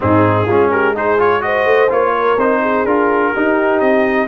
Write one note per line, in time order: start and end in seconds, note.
0.00 0.47 G#2
0.00 0.46 C4
0.00 0.45 D#4
0.00 0.70 G#4
0.45 1.65 G#3
0.45 0.94 C#4
0.45 0.69 F4
0.70 0.94 G4
0.70 0.94 A#4
0.94 1.18 D#4
0.94 1.42 G#4
0.94 1.20 C5
1.18 1.40 F4
1.18 1.42 C#5
1.40 1.88 F#4
1.40 2.12 C5
1.40 1.89 D#5
1.65 1.89 A3
1.89 2.37 A#3
1.89 2.37 F4
1.89 2.39 C#5
2.12 2.60 A#4
2.37 2.84 C4
2.37 2.87 D#4
2.37 2.85 C5
2.61 3.32 G#4
2.84 3.32 D4
2.84 3.34 F4
2.84 3.80 A#4
3.33 4.27 D#4
3.33 3.80 D#4
3.33 4.27 G4
3.80 4.27 C4
3.80 4.27 D#5